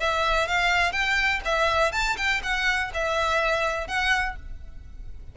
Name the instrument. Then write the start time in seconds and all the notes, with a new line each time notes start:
violin
0.00 E5
0.48 F5
0.92 G5
1.45 E5
1.92 A5
2.17 G5
2.43 F#5
2.94 E5
3.88 F#5